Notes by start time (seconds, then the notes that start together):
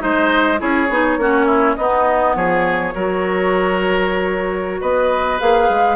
0.00 G#3 D#4 C5 D#5
0.59 C#4 E4 G#4 C#5
0.90 B3 D#4
1.18 A#3 C#4 F#4
1.46 E4
1.76 B3 D#4 D#5
2.36 F3 G#4 C#5
2.94 F#3 F#4 A#4
4.81 B3 B4 D#5
5.40 A#3 G#4 F5
5.70 G#3